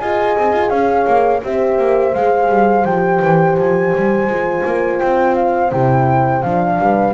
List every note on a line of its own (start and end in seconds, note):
0.00 0.37 F4
0.00 1.43 G#4
0.00 0.71 D#5
0.00 0.69 G#5
0.39 0.53 C4
0.53 0.70 F4
0.69 1.06 C#4
0.69 1.42 C#5
0.69 1.41 F5
1.07 1.43 A#3
1.43 1.79 C4
1.43 2.14 G4
1.43 6.79 C5
1.43 2.14 E5
1.79 2.14 A#3
2.14 2.49 G#3
2.14 2.85 G#4
2.14 2.85 F5
2.49 2.85 G3
2.85 3.21 F3
2.85 4.28 G4
2.85 3.57 G5
3.22 3.58 E3
3.58 3.94 F3
3.58 5.00 G#5
3.96 4.27 G3
4.27 4.63 G#3
4.27 5.71 F4
4.66 5.02 A#3
5.00 5.72 C4
5.00 5.36 G5
5.36 5.71 F5
5.71 6.44 C3
5.71 6.43 E4
5.71 6.43 G5
6.43 6.79 F3
6.43 7.15 D4
6.43 7.14 F5
6.79 7.15 G3
6.79 7.15 B4